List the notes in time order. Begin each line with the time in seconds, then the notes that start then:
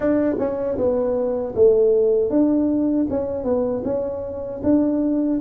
0.00 D4
0.38 C#4
0.77 B3
1.55 A3
2.30 D4
3.10 C#4
3.44 B3
3.84 C#4
4.63 D4